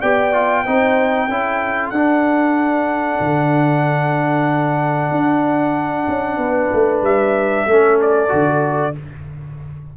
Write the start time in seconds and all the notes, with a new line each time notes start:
0.00 B3 G4 D5 G5
0.33 F4
0.65 C4 D#4 C5
1.28 C#4 E4 A4
1.89 D4 F#5
3.20 D3
5.11 D4
6.08 C#4
6.37 B3 B4
6.73 A3
7.02 G3 E5
7.66 A3 C#4 A4
8.01 D5
8.28 D3 F#4